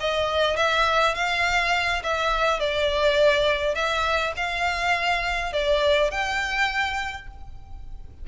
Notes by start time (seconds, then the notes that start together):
0.00 D#5
0.57 E5
1.15 F5
2.03 E5
2.60 D5
3.75 E5
4.36 F5
5.53 D5
6.11 G5